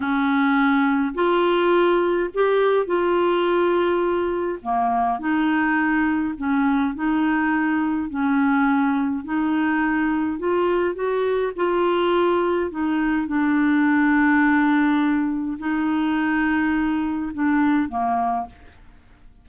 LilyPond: \new Staff \with { instrumentName = "clarinet" } { \time 4/4 \tempo 4 = 104 cis'2 f'2 | g'4 f'2. | ais4 dis'2 cis'4 | dis'2 cis'2 |
dis'2 f'4 fis'4 | f'2 dis'4 d'4~ | d'2. dis'4~ | dis'2 d'4 ais4 | }